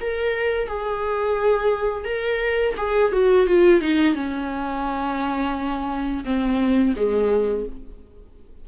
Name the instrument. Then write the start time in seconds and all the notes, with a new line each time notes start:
viola
0.00 A#4
0.67 G#4
2.04 A#4
2.77 G#4
3.12 F#4
3.46 F4
3.81 D#4
4.14 C#4
6.24 C4
6.96 G#3